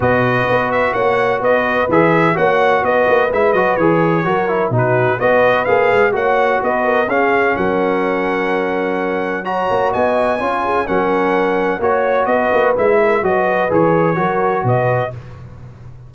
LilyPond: <<
  \new Staff \with { instrumentName = "trumpet" } { \time 4/4 \tempo 4 = 127 dis''4. e''8 fis''4 dis''4 | e''4 fis''4 dis''4 e''8 dis''8 | cis''2 b'4 dis''4 | f''4 fis''4 dis''4 f''4 |
fis''1 | ais''4 gis''2 fis''4~ | fis''4 cis''4 dis''4 e''4 | dis''4 cis''2 dis''4 | }
  \new Staff \with { instrumentName = "horn" } { \time 4/4 b'2 cis''4 b'4~ | b'4 cis''4 b'2~ | b'4 ais'4 fis'4 b'4~ | b'4 cis''4 b'8 ais'8 gis'4 |
ais'1 | cis''4 dis''4 cis''8 gis'8 ais'4~ | ais'4 cis''4 b'4. ais'8 | b'2 ais'4 b'4 | }
  \new Staff \with { instrumentName = "trombone" } { \time 4/4 fis'1 | gis'4 fis'2 e'8 fis'8 | gis'4 fis'8 e'8 dis'4 fis'4 | gis'4 fis'2 cis'4~ |
cis'1 | fis'2 f'4 cis'4~ | cis'4 fis'2 e'4 | fis'4 gis'4 fis'2 | }
  \new Staff \with { instrumentName = "tuba" } { \time 4/4 b,4 b4 ais4 b4 | e4 ais4 b8 ais8 gis8 fis8 | e4 fis4 b,4 b4 | ais8 gis8 ais4 b4 cis'4 |
fis1~ | fis8 ais8 b4 cis'4 fis4~ | fis4 ais4 b8 ais8 gis4 | fis4 e4 fis4 b,4 | }
>>